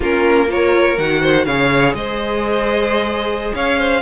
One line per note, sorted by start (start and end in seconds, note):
0.00 0.98 A#3
0.00 0.48 C#4
0.00 0.46 F4
0.00 0.50 A#4
0.48 0.96 F4
0.48 1.21 A#4
0.48 0.98 C#5
0.98 1.46 D#3
0.98 1.48 F#4
0.98 1.45 F#5
1.21 1.45 C5
1.45 1.94 C#3
1.45 4.01 G#4
1.45 1.95 C#5
1.45 1.93 F5
1.94 3.52 G#3
1.94 3.54 C5
1.94 3.53 D#5
3.54 4.01 C#4
3.54 3.78 C#5
3.54 4.01 F5
3.78 4.01 C5